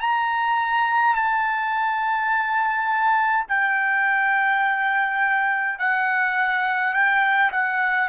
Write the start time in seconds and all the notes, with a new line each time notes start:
0.00 A#5
1.15 A5
3.48 G5
5.79 F#5
6.94 G5
7.52 F#5